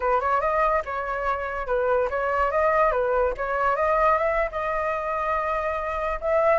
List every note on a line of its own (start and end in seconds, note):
0.00 0.20 B4
0.20 0.40 C#5
0.40 0.82 D#5
0.85 1.66 C#5
1.66 2.08 B4
2.10 2.51 C#5
2.51 2.91 D#5
2.91 3.33 B4
3.37 3.76 C#5
3.76 4.17 D#5
4.17 4.49 E5
4.51 6.19 D#5
6.21 6.58 E5